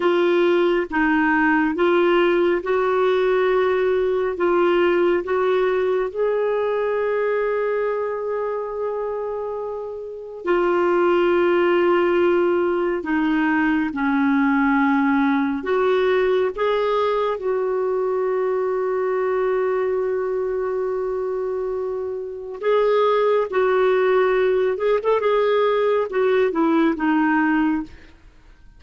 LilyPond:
\new Staff \with { instrumentName = "clarinet" } { \time 4/4 \tempo 4 = 69 f'4 dis'4 f'4 fis'4~ | fis'4 f'4 fis'4 gis'4~ | gis'1 | f'2. dis'4 |
cis'2 fis'4 gis'4 | fis'1~ | fis'2 gis'4 fis'4~ | fis'8 gis'16 a'16 gis'4 fis'8 e'8 dis'4 | }